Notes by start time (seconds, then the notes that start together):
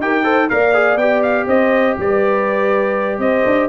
0.00 D#4 G4 A#4 G5
0.23 A4 C5
0.49 A#3 A#4 D5 F5
0.73 G#4
0.96 B3 G4 G5
1.22 F5
1.46 C4 C5 D#5
1.98 G3 B4 D5
3.18 C4 C5 D#5
3.45 D4